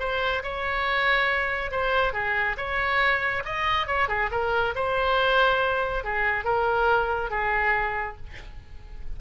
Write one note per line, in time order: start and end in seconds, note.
0.00 0.43 C5
0.44 1.71 C#5
1.71 2.14 C5
2.14 2.57 G#4
2.57 3.44 C#5
3.45 3.87 D#5
3.87 4.09 C#5
4.09 4.30 G#4
4.32 4.75 A#4
4.76 6.05 C5
6.05 6.45 G#4
6.45 7.31 A#4
7.31 8.17 G#4